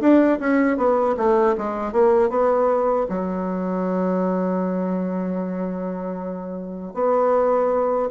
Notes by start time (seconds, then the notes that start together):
0.00 D4
0.40 C#4
0.77 B3
1.17 A3
1.58 G#3
1.92 A#3
2.30 B3
3.09 F#3
6.94 B3